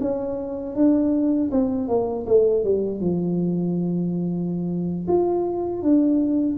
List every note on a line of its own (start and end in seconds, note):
0.00 0.75 C#4
0.75 1.50 D4
1.51 1.88 C4
1.88 2.25 A#3
2.26 2.64 A3
2.64 3.00 G3
3.00 5.06 F3
5.07 5.82 F4
5.82 6.57 D4